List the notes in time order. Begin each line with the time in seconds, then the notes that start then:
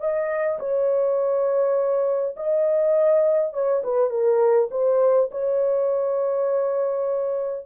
0.00 D#5
0.59 C#5
2.36 D#5
3.53 C#5
3.84 B4
4.10 A#4
4.71 C5
5.31 C#5